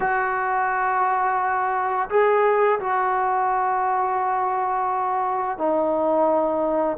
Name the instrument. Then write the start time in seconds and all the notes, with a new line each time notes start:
trombone
0.00 F#4
2.09 G#4
2.79 F#4
5.58 D#4